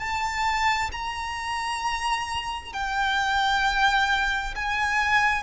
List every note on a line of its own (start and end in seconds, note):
0.00 0.91 A5
0.92 2.73 A#5
2.73 4.55 G5
4.56 5.43 G#5